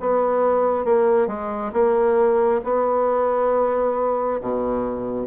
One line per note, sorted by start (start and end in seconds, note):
0.00 0.85 B3
0.85 1.28 A#3
1.28 1.72 G#3
1.73 2.61 A#3
2.64 4.40 B3
4.41 5.27 B2